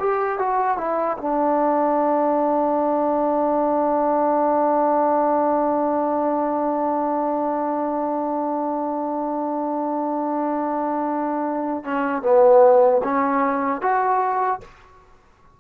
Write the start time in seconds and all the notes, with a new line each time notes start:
0.00 G4
0.39 F#4
0.78 E4
1.18 D4
11.84 C#4
12.23 B3
13.03 C#4
13.82 F#4